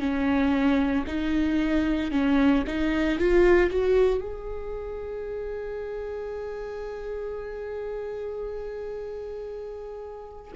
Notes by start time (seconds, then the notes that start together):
0.00 C#4
1.07 D#4
2.11 C#4
2.67 D#4
3.19 F4
3.71 F#4
4.21 G#4